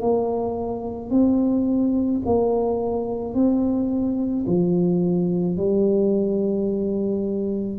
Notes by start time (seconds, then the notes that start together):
0.00 A#3
1.10 C4
2.25 A#3
3.34 C4
4.46 F3
5.57 G3